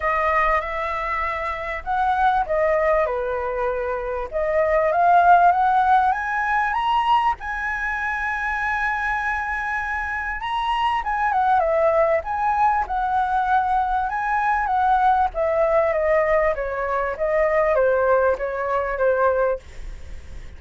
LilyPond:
\new Staff \with { instrumentName = "flute" } { \time 4/4 \tempo 4 = 98 dis''4 e''2 fis''4 | dis''4 b'2 dis''4 | f''4 fis''4 gis''4 ais''4 | gis''1~ |
gis''4 ais''4 gis''8 fis''8 e''4 | gis''4 fis''2 gis''4 | fis''4 e''4 dis''4 cis''4 | dis''4 c''4 cis''4 c''4 | }